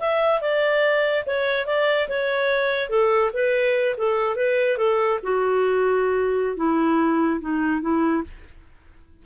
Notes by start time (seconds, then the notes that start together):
0.00 E5
0.41 D5
1.26 C#5
1.67 D5
2.09 C#5
2.89 A4
3.33 B4
3.98 A4
4.36 B4
4.78 A4
5.23 F#4
6.57 E4
7.41 D#4
7.81 E4